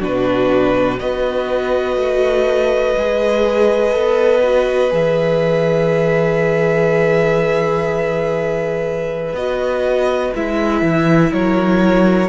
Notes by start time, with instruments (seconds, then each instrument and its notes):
0.00 cello B2, viola D4, violin F#4 B4
1.00 cello B3, viola F#4, violin B4 D#5
1.97 cello A3
2.98 cello G#3, viola G#4
3.92 cello B3, viola A4
4.43 viola F#4
4.91 cello E3, viola G#4, violin E5
9.34 cello B3, viola F#4, violin D#5
10.36 cello G#3, viola E4, violin E5
10.82 cello E3
11.33 cello F#3, violin A#4 C#5